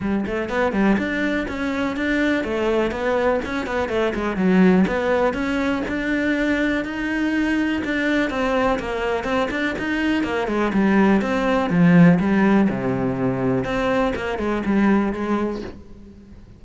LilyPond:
\new Staff \with { instrumentName = "cello" } { \time 4/4 \tempo 4 = 123 g8 a8 b8 g8 d'4 cis'4 | d'4 a4 b4 cis'8 b8 | a8 gis8 fis4 b4 cis'4 | d'2 dis'2 |
d'4 c'4 ais4 c'8 d'8 | dis'4 ais8 gis8 g4 c'4 | f4 g4 c2 | c'4 ais8 gis8 g4 gis4 | }